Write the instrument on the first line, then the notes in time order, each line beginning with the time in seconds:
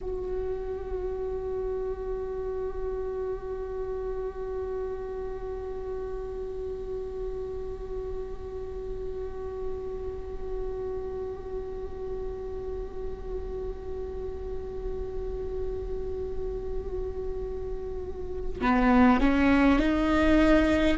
viola
0.01 F#4
18.61 B3
19.20 C#4
19.79 D#4